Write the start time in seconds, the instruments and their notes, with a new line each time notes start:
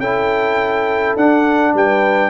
0.00 tuba C#4, trombone E4, horn A4, trumpet G5
1.16 tuba D4, trombone D4, trumpet F#5
1.74 tuba G3, horn B4, trumpet G5